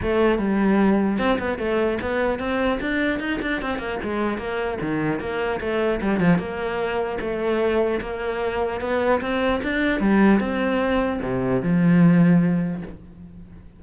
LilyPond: \new Staff \with { instrumentName = "cello" } { \time 4/4 \tempo 4 = 150 a4 g2 c'8 b8 | a4 b4 c'4 d'4 | dis'8 d'8 c'8 ais8 gis4 ais4 | dis4 ais4 a4 g8 f8 |
ais2 a2 | ais2 b4 c'4 | d'4 g4 c'2 | c4 f2. | }